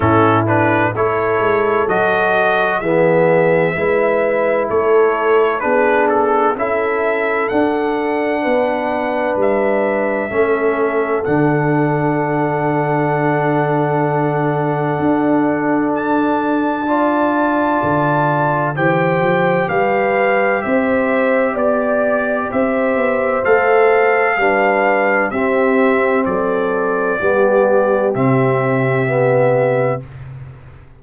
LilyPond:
<<
  \new Staff \with { instrumentName = "trumpet" } { \time 4/4 \tempo 4 = 64 a'8 b'8 cis''4 dis''4 e''4~ | e''4 cis''4 b'8 a'8 e''4 | fis''2 e''2 | fis''1~ |
fis''4 a''2. | g''4 f''4 e''4 d''4 | e''4 f''2 e''4 | d''2 e''2 | }
  \new Staff \with { instrumentName = "horn" } { \time 4/4 e'4 a'2 gis'4 | b'4 a'4 gis'4 a'4~ | a'4 b'2 a'4~ | a'1~ |
a'2 d''2 | c''4 b'4 c''4 d''4 | c''2 b'4 g'4 | a'4 g'2. | }
  \new Staff \with { instrumentName = "trombone" } { \time 4/4 cis'8 d'8 e'4 fis'4 b4 | e'2 d'4 e'4 | d'2. cis'4 | d'1~ |
d'2 f'2 | g'1~ | g'4 a'4 d'4 c'4~ | c'4 b4 c'4 b4 | }
  \new Staff \with { instrumentName = "tuba" } { \time 4/4 a,4 a8 gis8 fis4 e4 | gis4 a4 b4 cis'4 | d'4 b4 g4 a4 | d1 |
d'2. d4 | e8 f8 g4 c'4 b4 | c'8 b8 a4 g4 c'4 | fis4 g4 c2 | }
>>